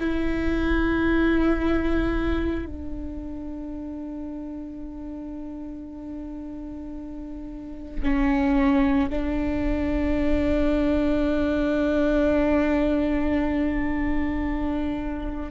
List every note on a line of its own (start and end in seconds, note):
0.00 2.66 E4
2.66 8.02 D4
8.02 9.09 C#4
9.10 15.51 D4